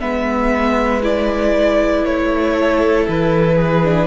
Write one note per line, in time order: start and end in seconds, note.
0.00 2.05 G#3
0.00 1.02 B3
0.00 2.55 B4
0.00 1.02 E5
1.03 3.82 E4
1.03 2.05 D5
2.05 3.07 A3
2.05 3.07 C#5
2.55 3.56 A4
3.08 4.07 E3
3.08 4.07 B4
3.56 4.07 G#4
3.85 4.07 D4